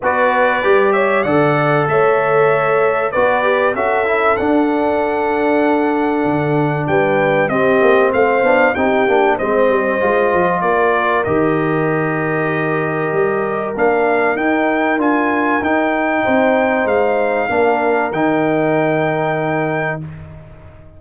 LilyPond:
<<
  \new Staff \with { instrumentName = "trumpet" } { \time 4/4 \tempo 4 = 96 d''4. e''8 fis''4 e''4~ | e''4 d''4 e''4 fis''4~ | fis''2. g''4 | dis''4 f''4 g''4 dis''4~ |
dis''4 d''4 dis''2~ | dis''2 f''4 g''4 | gis''4 g''2 f''4~ | f''4 g''2. | }
  \new Staff \with { instrumentName = "horn" } { \time 4/4 b'4. cis''8 d''4 cis''4~ | cis''4 b'4 a'2~ | a'2. b'4 | g'4 c''4 g'4 c''4~ |
c''4 ais'2.~ | ais'1~ | ais'2 c''2 | ais'1 | }
  \new Staff \with { instrumentName = "trombone" } { \time 4/4 fis'4 g'4 a'2~ | a'4 fis'8 g'8 fis'8 e'8 d'4~ | d'1 | c'4. d'8 dis'8 d'8 c'4 |
f'2 g'2~ | g'2 d'4 dis'4 | f'4 dis'2. | d'4 dis'2. | }
  \new Staff \with { instrumentName = "tuba" } { \time 4/4 b4 g4 d4 a4~ | a4 b4 cis'4 d'4~ | d'2 d4 g4 | c'8 ais8 a8 b8 c'8 ais8 gis8 g8 |
gis8 f8 ais4 dis2~ | dis4 g4 ais4 dis'4 | d'4 dis'4 c'4 gis4 | ais4 dis2. | }
>>